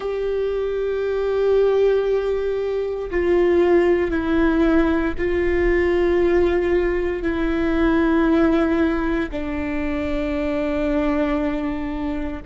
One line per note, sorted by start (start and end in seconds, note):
0.00 3.10 G4
3.10 4.11 F4
4.11 5.14 E4
5.17 7.22 F4
7.22 9.29 E4
9.31 12.41 D4